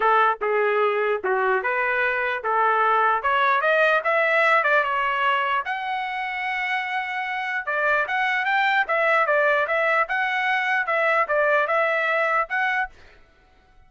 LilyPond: \new Staff \with { instrumentName = "trumpet" } { \time 4/4 \tempo 4 = 149 a'4 gis'2 fis'4 | b'2 a'2 | cis''4 dis''4 e''4. d''8 | cis''2 fis''2~ |
fis''2. d''4 | fis''4 g''4 e''4 d''4 | e''4 fis''2 e''4 | d''4 e''2 fis''4 | }